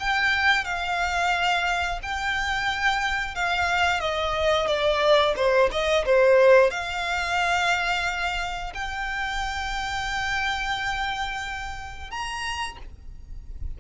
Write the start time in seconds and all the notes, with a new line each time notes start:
0.00 G5
0.65 F5
2.03 G5
3.35 F5
4.01 D#5
4.67 D5
5.37 C5
5.72 D#5
6.06 C5
6.71 F5
8.75 G5
12.11 A#5